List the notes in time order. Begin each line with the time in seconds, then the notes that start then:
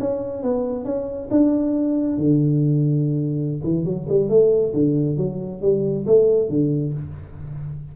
0.00 C#4
0.43 B3
0.85 C#4
1.31 D4
2.18 D3
3.64 E3
3.85 F#3
4.09 G3
4.29 A3
4.74 D3
5.17 F#3
5.62 G3
6.06 A3
6.49 D3